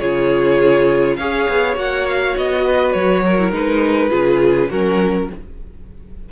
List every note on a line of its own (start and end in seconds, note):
0.00 1.18 C#3
0.00 1.19 F4
0.00 1.18 G#4
0.00 1.16 C#5
1.16 1.48 C#4
1.16 1.75 G#4
1.16 2.65 C#5
1.16 1.75 F5
1.49 1.76 B3
1.75 2.35 A#3
1.75 3.37 F#4
1.75 2.07 F#5
2.07 2.37 F5
2.37 2.94 B3
2.37 2.93 D#5
2.65 3.24 B4
2.93 3.52 F#3
2.93 3.51 C#5
3.26 4.10 A#4
3.39 3.51 E4
3.51 4.11 G#3
3.51 4.10 D#4
3.51 4.71 B4
4.10 4.71 C#3
4.10 4.69 F4
4.10 4.69 G#4
4.70 5.30 F#3
4.70 5.32 C#4
4.70 5.29 F#4
4.70 5.30 A#4